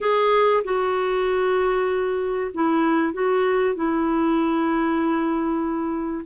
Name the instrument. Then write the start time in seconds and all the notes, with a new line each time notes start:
clarinet
0.00 G#4
0.63 F#4
2.54 E4
3.12 F#4
3.75 E4